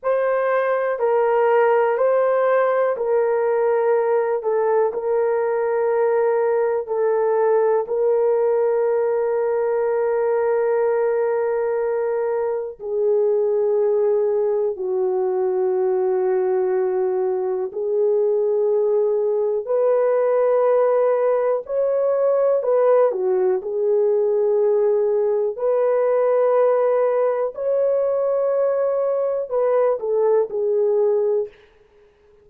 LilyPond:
\new Staff \with { instrumentName = "horn" } { \time 4/4 \tempo 4 = 61 c''4 ais'4 c''4 ais'4~ | ais'8 a'8 ais'2 a'4 | ais'1~ | ais'4 gis'2 fis'4~ |
fis'2 gis'2 | b'2 cis''4 b'8 fis'8 | gis'2 b'2 | cis''2 b'8 a'8 gis'4 | }